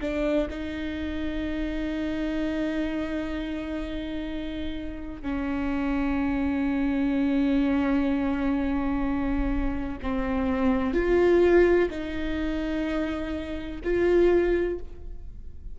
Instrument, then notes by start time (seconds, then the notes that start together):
viola
0.00 D4
0.49 D#4
5.22 C#4
10.02 C4
10.94 F4
11.90 D#4
13.84 F4